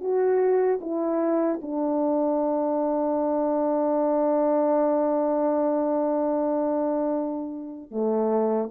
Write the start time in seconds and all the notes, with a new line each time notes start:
0.00 F#4
0.81 E4
1.61 D4
7.91 A3